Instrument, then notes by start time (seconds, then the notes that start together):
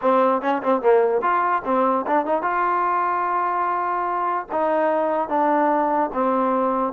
trombone
0.01 C4
0.41 C#4
0.62 C4
0.81 A#3
1.21 F4
1.65 C4
2.06 D4
2.25 D#4
2.42 F4
4.51 D#4
5.28 D4
6.13 C4